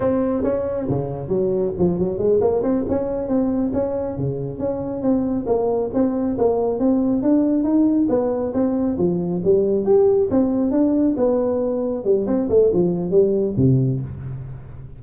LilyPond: \new Staff \with { instrumentName = "tuba" } { \time 4/4 \tempo 4 = 137 c'4 cis'4 cis4 fis4 | f8 fis8 gis8 ais8 c'8 cis'4 c'8~ | c'8 cis'4 cis4 cis'4 c'8~ | c'8 ais4 c'4 ais4 c'8~ |
c'8 d'4 dis'4 b4 c'8~ | c'8 f4 g4 g'4 c'8~ | c'8 d'4 b2 g8 | c'8 a8 f4 g4 c4 | }